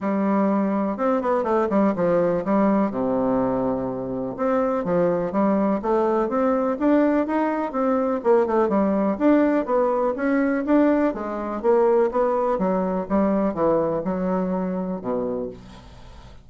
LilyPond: \new Staff \with { instrumentName = "bassoon" } { \time 4/4 \tempo 4 = 124 g2 c'8 b8 a8 g8 | f4 g4 c2~ | c4 c'4 f4 g4 | a4 c'4 d'4 dis'4 |
c'4 ais8 a8 g4 d'4 | b4 cis'4 d'4 gis4 | ais4 b4 fis4 g4 | e4 fis2 b,4 | }